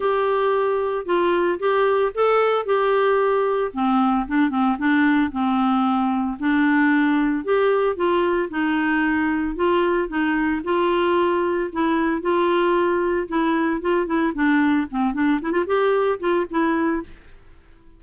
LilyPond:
\new Staff \with { instrumentName = "clarinet" } { \time 4/4 \tempo 4 = 113 g'2 f'4 g'4 | a'4 g'2 c'4 | d'8 c'8 d'4 c'2 | d'2 g'4 f'4 |
dis'2 f'4 dis'4 | f'2 e'4 f'4~ | f'4 e'4 f'8 e'8 d'4 | c'8 d'8 e'16 f'16 g'4 f'8 e'4 | }